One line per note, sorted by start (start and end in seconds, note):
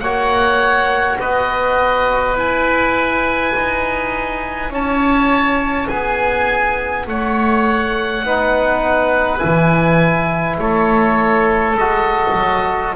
0.00 1.18 A#3
0.00 2.36 F#4
0.00 1.19 C#5
0.00 1.18 F#5
1.19 2.35 B3
1.19 4.72 B4
1.19 2.37 D#5
2.35 3.52 E4
2.35 8.25 E4
2.35 4.74 G#5
3.56 4.70 D#4
4.70 5.87 C#4
4.70 5.89 C#5
4.70 5.89 A5
5.89 7.07 B3
5.89 7.06 G#4
5.89 7.06 G#5
7.07 8.24 A3
7.07 8.26 C#5
7.07 9.38 F#5
8.24 9.42 B3
8.24 9.39 D#4
8.24 10.62 B4
9.38 10.58 E3
9.38 11.75 E4
9.38 10.56 G#5
10.58 11.75 A3
10.58 12.96 A4
10.58 11.77 C#5
11.75 12.34 G#3
11.75 12.96 F#4
11.75 12.95 D#5
12.35 12.93 F#3